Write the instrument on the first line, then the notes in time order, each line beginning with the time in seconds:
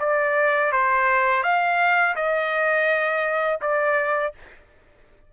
trumpet
0.00 D5
0.72 C5
1.44 F5
2.16 D#5
3.61 D5